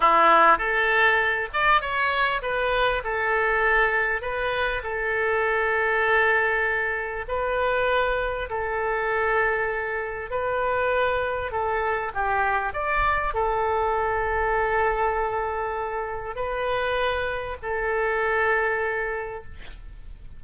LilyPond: \new Staff \with { instrumentName = "oboe" } { \time 4/4 \tempo 4 = 99 e'4 a'4. d''8 cis''4 | b'4 a'2 b'4 | a'1 | b'2 a'2~ |
a'4 b'2 a'4 | g'4 d''4 a'2~ | a'2. b'4~ | b'4 a'2. | }